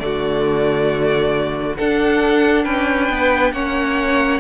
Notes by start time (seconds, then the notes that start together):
0.00 D3 A3 F#4 D5
1.77 D4 A4 F#5
2.65 C#4 B4 G5
3.10 B3
3.53 A#3 C#4 C#5 F#5